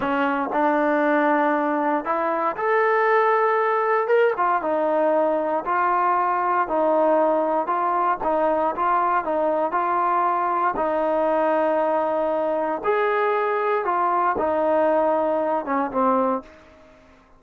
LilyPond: \new Staff \with { instrumentName = "trombone" } { \time 4/4 \tempo 4 = 117 cis'4 d'2. | e'4 a'2. | ais'8 f'8 dis'2 f'4~ | f'4 dis'2 f'4 |
dis'4 f'4 dis'4 f'4~ | f'4 dis'2.~ | dis'4 gis'2 f'4 | dis'2~ dis'8 cis'8 c'4 | }